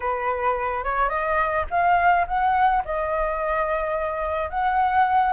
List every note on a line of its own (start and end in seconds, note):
0.00 0.83 B4
0.84 1.09 C#5
1.09 1.65 D#5
1.70 2.26 F5
2.27 2.83 F#5
2.85 4.50 D#5
4.50 5.32 F#5